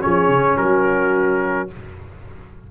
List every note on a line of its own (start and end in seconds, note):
0.00 0.29 F3
0.00 1.68 C#4
0.00 0.59 G#4
0.00 0.57 C#5
0.29 0.57 C#3
0.57 1.70 F#3
0.57 1.71 F#4
0.57 1.70 A#4